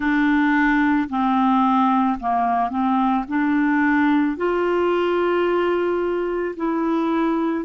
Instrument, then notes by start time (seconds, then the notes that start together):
clarinet
0.00 D4
1.09 C4
2.19 A#3
2.70 C4
3.27 D4
4.36 F4
6.56 E4